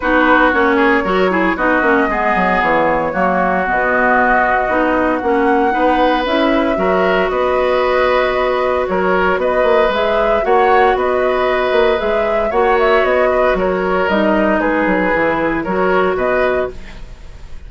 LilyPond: <<
  \new Staff \with { instrumentName = "flute" } { \time 4/4 \tempo 4 = 115 b'4 cis''2 dis''4~ | dis''4 cis''2 dis''4~ | dis''2 fis''2 | e''2 dis''2~ |
dis''4 cis''4 dis''4 e''4 | fis''4 dis''2 e''4 | fis''8 e''8 dis''4 cis''4 dis''4 | b'2 cis''4 dis''4 | }
  \new Staff \with { instrumentName = "oboe" } { \time 4/4 fis'4. gis'8 ais'8 gis'8 fis'4 | gis'2 fis'2~ | fis'2. b'4~ | b'4 ais'4 b'2~ |
b'4 ais'4 b'2 | cis''4 b'2. | cis''4. b'8 ais'2 | gis'2 ais'4 b'4 | }
  \new Staff \with { instrumentName = "clarinet" } { \time 4/4 dis'4 cis'4 fis'8 e'8 dis'8 cis'8 | b2 ais4 b4~ | b4 dis'4 cis'4 dis'4 | e'4 fis'2.~ |
fis'2. gis'4 | fis'2. gis'4 | fis'2. dis'4~ | dis'4 e'4 fis'2 | }
  \new Staff \with { instrumentName = "bassoon" } { \time 4/4 b4 ais4 fis4 b8 ais8 | gis8 fis8 e4 fis4 b,4~ | b,4 b4 ais4 b4 | cis'4 fis4 b2~ |
b4 fis4 b8 ais8 gis4 | ais4 b4. ais8 gis4 | ais4 b4 fis4 g4 | gis8 fis8 e4 fis4 b,4 | }
>>